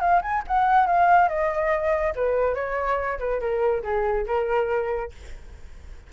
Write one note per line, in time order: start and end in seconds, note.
0.00 0.21 F5
0.22 0.43 G#5
0.47 0.86 F#5
0.86 1.28 F5
1.28 2.13 D#5
2.15 2.54 B4
2.54 3.18 C#5
3.19 3.40 B4
3.40 3.82 A#4
3.83 4.26 G#4
4.26 5.11 A#4